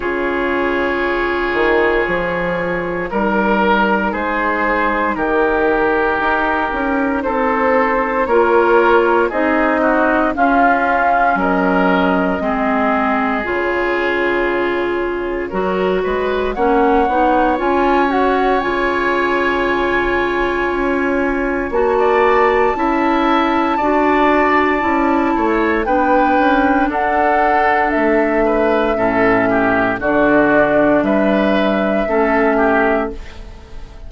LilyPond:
<<
  \new Staff \with { instrumentName = "flute" } { \time 4/4 \tempo 4 = 58 cis''2. ais'4 | c''4 ais'2 c''4 | cis''4 dis''4 f''4 dis''4~ | dis''4 cis''2. |
fis''4 gis''8 fis''8 gis''2~ | gis''4 a''2.~ | a''4 g''4 fis''4 e''4~ | e''4 d''4 e''2 | }
  \new Staff \with { instrumentName = "oboe" } { \time 4/4 gis'2. ais'4 | gis'4 g'2 a'4 | ais'4 gis'8 fis'8 f'4 ais'4 | gis'2. ais'8 b'8 |
cis''1~ | cis''4~ cis''16 d''8. e''4 d''4~ | d''8 cis''8 b'4 a'4. b'8 | a'8 g'8 fis'4 b'4 a'8 g'8 | }
  \new Staff \with { instrumentName = "clarinet" } { \time 4/4 f'2. dis'4~ | dis'1 | f'4 dis'4 cis'2 | c'4 f'2 fis'4 |
cis'8 dis'8 f'8 fis'8 f'2~ | f'4 fis'4 e'4 fis'4 | e'4 d'2. | cis'4 d'2 cis'4 | }
  \new Staff \with { instrumentName = "bassoon" } { \time 4/4 cis4. dis8 f4 g4 | gis4 dis4 dis'8 cis'8 c'4 | ais4 c'4 cis'4 fis4 | gis4 cis2 fis8 gis8 |
ais8 b8 cis'4 cis2 | cis'4 ais4 cis'4 d'4 | cis'8 a8 b8 cis'8 d'4 a4 | a,4 d4 g4 a4 | }
>>